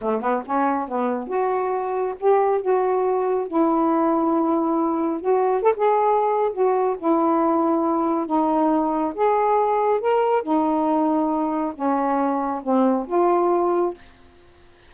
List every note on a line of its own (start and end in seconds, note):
0.01 0.21 A3
0.21 0.42 B3
0.45 0.88 C#4
0.88 1.27 B3
1.27 2.14 F#4
2.20 2.61 G4
2.61 3.47 F#4
3.47 5.20 E4
5.20 5.62 F#4
5.62 5.73 A4
5.76 6.52 G#4
6.52 6.96 F#4
6.98 8.26 E4
8.26 9.13 D#4
9.14 10.00 G#4
10.00 10.42 A#4
10.42 11.73 D#4
11.74 12.61 C#4
12.62 13.06 C4
13.07 13.94 F4